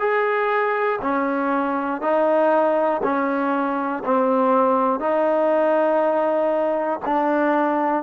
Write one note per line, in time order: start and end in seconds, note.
0.00 1.00 G#4
1.02 2.02 C#4
2.02 3.02 D#4
3.04 4.04 C#4
4.05 5.00 C4
5.00 7.00 D#4
7.05 8.04 D4